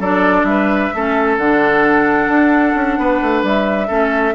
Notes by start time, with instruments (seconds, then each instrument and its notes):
0.00 bassoon F#3, clarinet D4, oboe A4, flute D5
0.44 bassoon G3, flute E5
0.50 oboe B4
0.95 bassoon A3, clarinet C#4, oboe A4
1.38 bassoon D3, clarinet D4, flute F#5
2.28 bassoon D4
2.75 bassoon C#4
2.98 bassoon B3, oboe B4
3.22 bassoon A3
3.44 bassoon G3, flute E5
3.88 bassoon A3, clarinet C#4, oboe A4